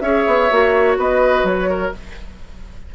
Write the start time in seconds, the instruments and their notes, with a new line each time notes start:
0.00 bassoon C#4, clarinet G#4, oboe C#5, flute E5
0.27 bassoon B3
0.50 bassoon A#3, clarinet F#4
0.97 bassoon B3, oboe B4, flute D#5
1.43 bassoon F#3, flute C#5
1.69 oboe A#4